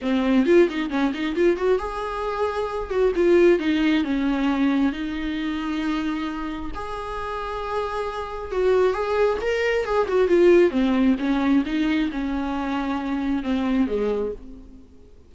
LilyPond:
\new Staff \with { instrumentName = "viola" } { \time 4/4 \tempo 4 = 134 c'4 f'8 dis'8 cis'8 dis'8 f'8 fis'8 | gis'2~ gis'8 fis'8 f'4 | dis'4 cis'2 dis'4~ | dis'2. gis'4~ |
gis'2. fis'4 | gis'4 ais'4 gis'8 fis'8 f'4 | c'4 cis'4 dis'4 cis'4~ | cis'2 c'4 gis4 | }